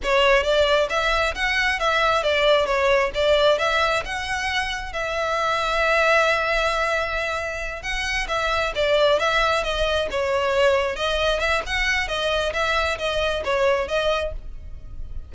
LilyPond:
\new Staff \with { instrumentName = "violin" } { \time 4/4 \tempo 4 = 134 cis''4 d''4 e''4 fis''4 | e''4 d''4 cis''4 d''4 | e''4 fis''2 e''4~ | e''1~ |
e''4. fis''4 e''4 d''8~ | d''8 e''4 dis''4 cis''4.~ | cis''8 dis''4 e''8 fis''4 dis''4 | e''4 dis''4 cis''4 dis''4 | }